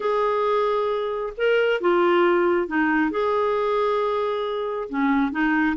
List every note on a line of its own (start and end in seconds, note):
0.00 1.33 G#4
1.37 1.80 A#4
1.80 2.67 F4
2.67 3.11 D#4
3.11 4.88 G#4
4.89 5.31 C#4
5.31 5.76 D#4